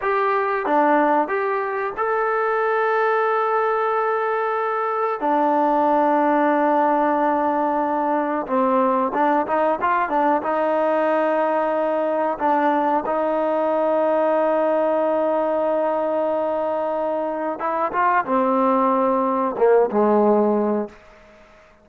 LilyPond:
\new Staff \with { instrumentName = "trombone" } { \time 4/4 \tempo 4 = 92 g'4 d'4 g'4 a'4~ | a'1 | d'1~ | d'4 c'4 d'8 dis'8 f'8 d'8 |
dis'2. d'4 | dis'1~ | dis'2. e'8 f'8 | c'2 ais8 gis4. | }